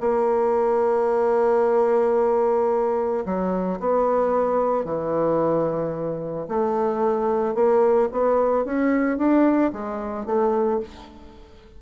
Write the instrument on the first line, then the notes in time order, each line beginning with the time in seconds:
bassoon
0.00 A#3
3.25 F#3
3.80 B3
4.85 E3
6.48 A3
7.55 A#3
8.12 B3
8.65 C#4
9.18 D4
9.73 G#3
10.26 A3